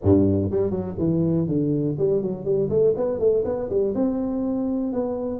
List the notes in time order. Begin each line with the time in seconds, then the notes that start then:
0.02 G2
0.50 G3
0.70 F#3
0.98 E3
1.47 D3
1.98 G3
2.22 F#3
2.44 G3
2.69 A3
2.96 B3
3.19 A3
3.44 B3
3.69 G3
3.95 C4
4.92 B3